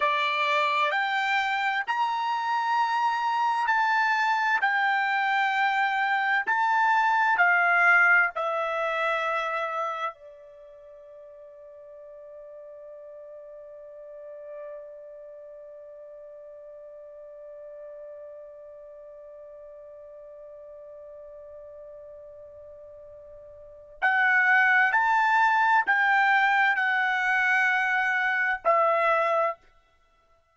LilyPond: \new Staff \with { instrumentName = "trumpet" } { \time 4/4 \tempo 4 = 65 d''4 g''4 ais''2 | a''4 g''2 a''4 | f''4 e''2 d''4~ | d''1~ |
d''1~ | d''1~ | d''2 fis''4 a''4 | g''4 fis''2 e''4 | }